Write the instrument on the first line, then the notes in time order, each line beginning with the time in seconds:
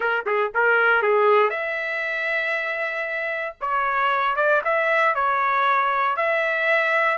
trumpet
0.00 A#4
0.26 G#4
0.54 A#4
1.02 G#4
1.50 E5
3.60 C#5
4.36 D5
4.64 E5
5.14 C#5
6.16 E5